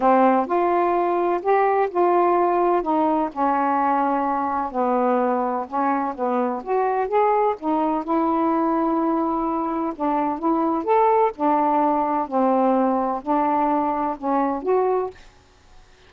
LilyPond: \new Staff \with { instrumentName = "saxophone" } { \time 4/4 \tempo 4 = 127 c'4 f'2 g'4 | f'2 dis'4 cis'4~ | cis'2 b2 | cis'4 b4 fis'4 gis'4 |
dis'4 e'2.~ | e'4 d'4 e'4 a'4 | d'2 c'2 | d'2 cis'4 fis'4 | }